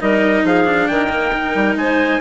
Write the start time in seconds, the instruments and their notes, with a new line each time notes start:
0.00 bassoon G3, cello D#4, clarinet A#4, trumpet D#5
0.43 bassoon F3, clarinet G#4, trumpet F5
0.64 cello D4
0.88 bassoon D#3, clarinet A#4, trumpet G5
1.09 cello A#3
1.32 cello D#4
1.55 bassoon G3
1.76 bassoon G#3, clarinet C5, trumpet G#5